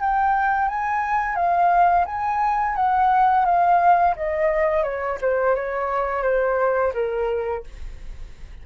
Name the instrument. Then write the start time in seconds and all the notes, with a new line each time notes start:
flute
0.00 G5
0.68 G#5
1.35 F5
2.05 G#5
2.75 F#5
3.45 F5
4.16 D#5
4.83 C#5
5.21 C5
5.55 C#5
6.23 C5
6.93 A#4